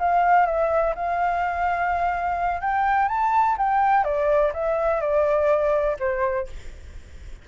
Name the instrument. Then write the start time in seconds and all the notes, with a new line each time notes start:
flute
0.00 F5
0.46 E5
0.96 F5
2.61 G5
3.09 A5
3.58 G5
4.05 D5
4.54 E5
5.01 D5
6.00 C5